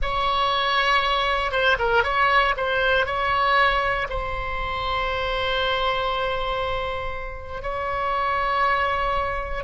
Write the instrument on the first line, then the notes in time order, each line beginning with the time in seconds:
oboe
0.02 C#5
1.51 C5
1.78 A#4
2.03 C#5
2.57 C5
3.06 C#5
4.09 C5
7.62 C#5